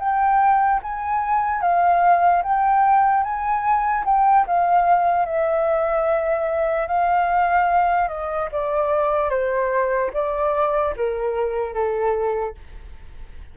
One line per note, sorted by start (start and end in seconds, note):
0.00 0.81 G5
0.83 1.62 G#5
1.62 2.43 F5
2.44 3.24 G5
3.24 4.05 G#5
4.05 4.46 G5
4.47 5.26 F5
5.26 6.88 E5
6.88 8.09 F5
8.09 8.49 D#5
8.52 9.30 D5
9.30 10.11 C5
10.14 10.95 D5
10.97 11.74 A#4
11.74 12.55 A4